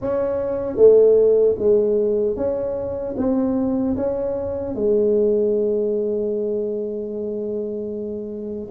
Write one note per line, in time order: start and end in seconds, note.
0.01 0.76 C#4
0.76 1.55 A3
1.58 2.36 G#3
2.36 3.15 C#4
3.17 3.96 C4
3.96 4.74 C#4
4.74 8.69 G#3